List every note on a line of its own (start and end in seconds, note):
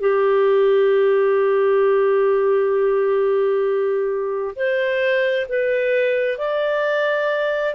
0.00 4.55 G4
4.56 5.47 C5
5.49 6.38 B4
6.38 7.74 D5